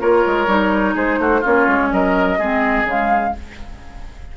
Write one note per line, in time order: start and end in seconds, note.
0.00 0.25 A#3
0.00 0.48 F4
0.00 0.95 A#4
0.00 0.96 C#5
0.26 0.47 G#3
0.47 0.95 G3
0.47 1.43 D#4
0.95 1.19 G#3
0.95 1.19 G#4
0.95 1.44 C5
1.19 1.43 A3
1.19 1.41 F#4
1.41 1.68 A#3
1.41 2.40 C#4
1.41 1.89 F4
1.41 1.92 C#5
1.68 1.92 G#3
1.92 2.39 F#3
1.92 2.39 A#4
1.92 2.87 D#5
2.39 2.84 G#3
2.39 2.86 C4
2.39 3.34 G#4
2.84 3.32 C#3
2.84 3.34 G#3
2.84 3.37 F5